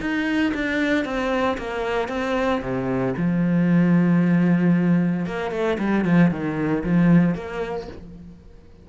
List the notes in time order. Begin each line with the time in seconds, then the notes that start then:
0.00 D#4
0.54 D4
1.04 C4
1.57 A#3
2.08 C4
2.61 C3
3.17 F3
5.26 A#3
5.51 A3
5.78 G3
6.04 F3
6.30 D#3
6.83 F3
7.34 A#3